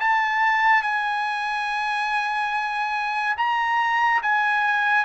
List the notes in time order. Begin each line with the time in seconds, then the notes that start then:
0.00 A5
0.82 G#5
3.37 A#5
4.22 G#5